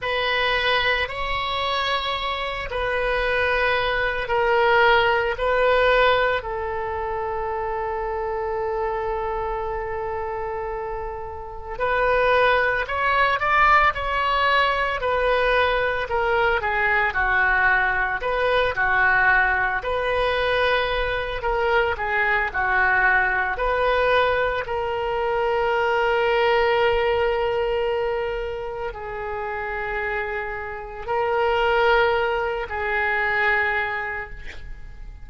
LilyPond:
\new Staff \with { instrumentName = "oboe" } { \time 4/4 \tempo 4 = 56 b'4 cis''4. b'4. | ais'4 b'4 a'2~ | a'2. b'4 | cis''8 d''8 cis''4 b'4 ais'8 gis'8 |
fis'4 b'8 fis'4 b'4. | ais'8 gis'8 fis'4 b'4 ais'4~ | ais'2. gis'4~ | gis'4 ais'4. gis'4. | }